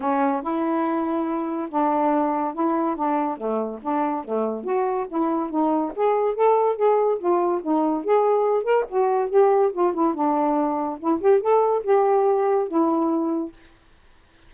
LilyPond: \new Staff \with { instrumentName = "saxophone" } { \time 4/4 \tempo 4 = 142 cis'4 e'2. | d'2 e'4 d'4 | a4 d'4 a4 fis'4 | e'4 dis'4 gis'4 a'4 |
gis'4 f'4 dis'4 gis'4~ | gis'8 ais'8 fis'4 g'4 f'8 e'8 | d'2 e'8 g'8 a'4 | g'2 e'2 | }